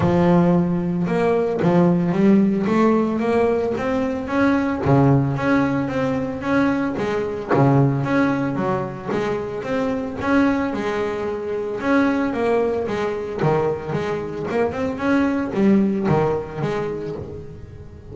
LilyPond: \new Staff \with { instrumentName = "double bass" } { \time 4/4 \tempo 4 = 112 f2 ais4 f4 | g4 a4 ais4 c'4 | cis'4 cis4 cis'4 c'4 | cis'4 gis4 cis4 cis'4 |
fis4 gis4 c'4 cis'4 | gis2 cis'4 ais4 | gis4 dis4 gis4 ais8 c'8 | cis'4 g4 dis4 gis4 | }